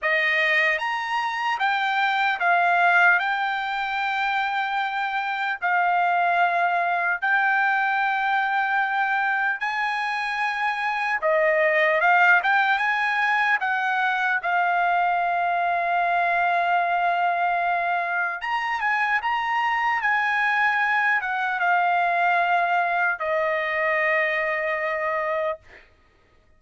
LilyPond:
\new Staff \with { instrumentName = "trumpet" } { \time 4/4 \tempo 4 = 75 dis''4 ais''4 g''4 f''4 | g''2. f''4~ | f''4 g''2. | gis''2 dis''4 f''8 g''8 |
gis''4 fis''4 f''2~ | f''2. ais''8 gis''8 | ais''4 gis''4. fis''8 f''4~ | f''4 dis''2. | }